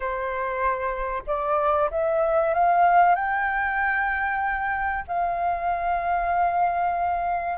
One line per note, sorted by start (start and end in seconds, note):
0.00 1.23 C5
1.26 1.89 D5
1.90 2.53 E5
2.54 3.15 F5
3.15 5.04 G5
5.07 7.58 F5